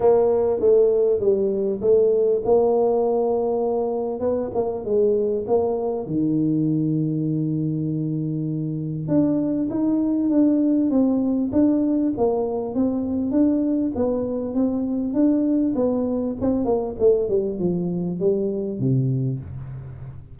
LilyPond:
\new Staff \with { instrumentName = "tuba" } { \time 4/4 \tempo 4 = 99 ais4 a4 g4 a4 | ais2. b8 ais8 | gis4 ais4 dis2~ | dis2. d'4 |
dis'4 d'4 c'4 d'4 | ais4 c'4 d'4 b4 | c'4 d'4 b4 c'8 ais8 | a8 g8 f4 g4 c4 | }